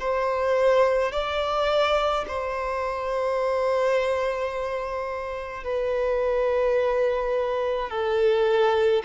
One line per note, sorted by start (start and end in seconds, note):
0.00 1.12 C5
1.12 2.25 D5
2.28 5.64 C5
5.64 7.90 B4
7.90 9.03 A4